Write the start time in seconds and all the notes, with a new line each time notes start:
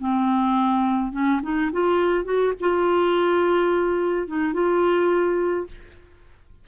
0.00 C4
1.13 C#4
1.43 D#4
1.73 F4
2.25 F#4
2.61 F4
4.28 D#4
4.54 F4